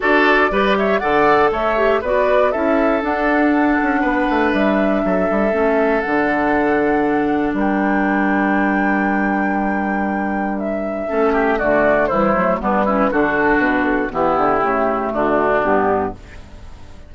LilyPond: <<
  \new Staff \with { instrumentName = "flute" } { \time 4/4 \tempo 4 = 119 d''4. e''8 fis''4 e''4 | d''4 e''4 fis''2~ | fis''4 e''2. | fis''2. g''4~ |
g''1~ | g''4 e''2 d''4 | c''4 b'4 a'4 b'8 a'8 | g'2 fis'4 g'4 | }
  \new Staff \with { instrumentName = "oboe" } { \time 4/4 a'4 b'8 cis''8 d''4 cis''4 | b'4 a'2. | b'2 a'2~ | a'2. ais'4~ |
ais'1~ | ais'2 a'8 g'8 fis'4 | e'4 d'8 e'8 fis'2 | e'2 d'2 | }
  \new Staff \with { instrumentName = "clarinet" } { \time 4/4 fis'4 g'4 a'4. g'8 | fis'4 e'4 d'2~ | d'2. cis'4 | d'1~ |
d'1~ | d'2 cis'4 a4 | g8 a8 b8 cis'8 d'2 | b4 a2 b4 | }
  \new Staff \with { instrumentName = "bassoon" } { \time 4/4 d'4 g4 d4 a4 | b4 cis'4 d'4. cis'8 | b8 a8 g4 fis8 g8 a4 | d2. g4~ |
g1~ | g2 a4 d4 | e8 fis8 g4 d4 b,4 | e8 d8 cis4 d4 g,4 | }
>>